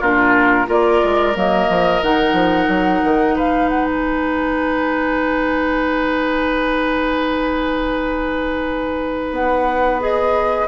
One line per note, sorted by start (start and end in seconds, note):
0.00 0.68 A#2
0.00 0.67 D4
0.00 0.67 F4
0.00 0.69 A#4
0.67 1.02 A#3
0.67 1.33 F4
0.67 3.35 A#4
0.67 1.37 D5
1.04 1.36 G#3
1.35 1.69 F#3
1.35 2.02 A#3
1.35 2.03 D#5
1.69 2.02 F3
2.02 2.33 D#3
2.02 10.00 D#4
2.02 3.37 F#5
2.33 2.66 F3
2.68 3.01 F#3
3.04 3.37 D#3
3.35 9.31 G#3
3.35 10.68 B4
3.35 3.69 F5
3.69 3.85 F#5
3.85 9.34 G#5
9.31 10.64 B3
9.31 10.01 F#5
10.00 10.67 G#4
10.00 10.68 D#5